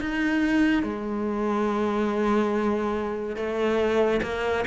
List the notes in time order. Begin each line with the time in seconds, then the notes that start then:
0.00 D#4
0.83 G#3
3.36 A3
4.22 A#3